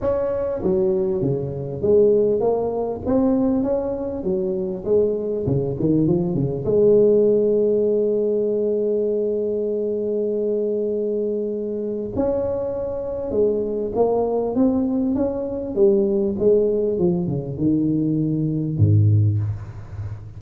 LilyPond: \new Staff \with { instrumentName = "tuba" } { \time 4/4 \tempo 4 = 99 cis'4 fis4 cis4 gis4 | ais4 c'4 cis'4 fis4 | gis4 cis8 dis8 f8 cis8 gis4~ | gis1~ |
gis1 | cis'2 gis4 ais4 | c'4 cis'4 g4 gis4 | f8 cis8 dis2 gis,4 | }